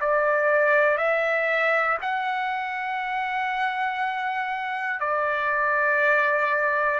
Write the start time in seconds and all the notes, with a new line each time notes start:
0.00 D5
0.97 E5
2.01 F#5
5.00 D5